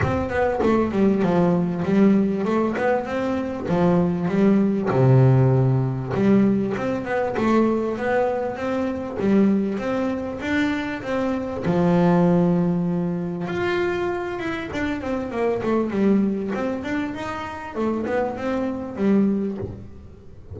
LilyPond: \new Staff \with { instrumentName = "double bass" } { \time 4/4 \tempo 4 = 98 c'8 b8 a8 g8 f4 g4 | a8 b8 c'4 f4 g4 | c2 g4 c'8 b8 | a4 b4 c'4 g4 |
c'4 d'4 c'4 f4~ | f2 f'4. e'8 | d'8 c'8 ais8 a8 g4 c'8 d'8 | dis'4 a8 b8 c'4 g4 | }